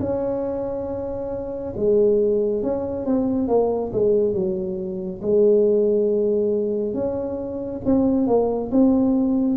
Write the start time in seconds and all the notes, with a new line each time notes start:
0.00 C#4
1.77 G#3
2.63 C#4
3.06 C4
3.48 A#3
3.93 G#3
4.34 F#3
5.23 G#3
6.94 C#4
7.86 C4
8.28 A#3
8.72 C4